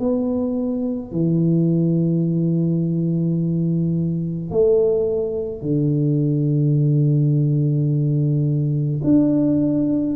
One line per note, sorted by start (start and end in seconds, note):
0.00 1.12 B3
1.12 4.51 E3
4.51 5.62 A3
5.62 9.02 D3
9.04 10.17 D4